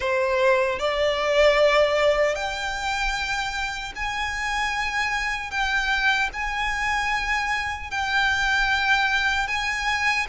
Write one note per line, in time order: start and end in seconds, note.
0.00 0.79 C5
0.79 2.35 D5
2.35 3.93 G5
3.95 5.50 G#5
5.50 6.29 G5
6.33 7.90 G#5
7.90 9.47 G5
9.47 10.26 G#5